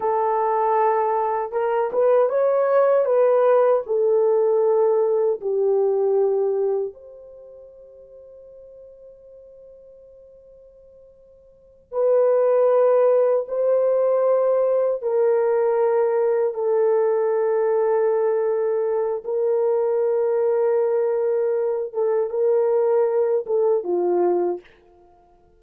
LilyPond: \new Staff \with { instrumentName = "horn" } { \time 4/4 \tempo 4 = 78 a'2 ais'8 b'8 cis''4 | b'4 a'2 g'4~ | g'4 c''2.~ | c''2.~ c''8 b'8~ |
b'4. c''2 ais'8~ | ais'4. a'2~ a'8~ | a'4 ais'2.~ | ais'8 a'8 ais'4. a'8 f'4 | }